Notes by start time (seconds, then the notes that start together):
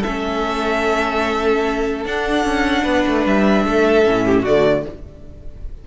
0.00 A3 C#4 A4 E5
2.05 D4 F#5
2.44 C#4
2.83 B3 B4
3.07 A3
3.26 G3 E5
3.65 A3 A4
4.04 A2 C#4
4.26 G4
4.42 D3 A3 F#4 D5